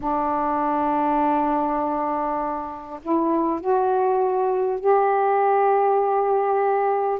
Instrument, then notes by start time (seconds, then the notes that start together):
saxophone
0.00 D4
3.02 E4
3.60 F#4
4.80 G4